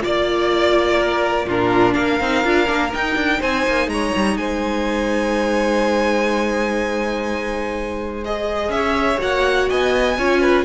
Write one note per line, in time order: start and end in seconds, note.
0.00 1.45 F4
0.00 0.98 D5
0.00 1.50 D5
0.06 1.47 A#3
0.98 1.47 A#4
1.47 1.95 A#2
1.47 2.22 D4
1.47 1.96 F4
1.47 1.94 A#4
1.94 2.21 A#3
1.94 3.40 A#4
1.94 2.91 F5
2.21 2.45 C4
2.21 2.45 D#4
2.45 2.69 D4
2.45 2.67 F4
2.67 2.93 A#3
2.67 2.91 D4
2.92 8.24 D#4
2.92 3.16 D#4
2.92 3.43 G5
3.16 3.40 D4
3.40 3.67 C4
3.40 3.88 C5
3.40 3.90 G#5
3.68 3.88 A#3
3.88 4.12 G#3
3.88 4.39 C#5
3.88 4.37 A#5
4.16 4.37 G3
4.37 8.69 G#3
4.37 8.73 C5
4.37 8.25 G#5
8.25 9.18 G#4
8.25 8.72 D#5
8.69 9.17 C#4
8.69 9.69 C#5
8.69 9.20 E5
9.18 9.71 A#3
9.18 10.15 F#4
9.18 9.70 F#5
9.69 10.19 B3
9.69 10.18 D#5
9.69 10.65 G#5
10.18 10.65 C#4
10.18 10.65 F4
10.18 10.42 C#5
10.42 10.65 B4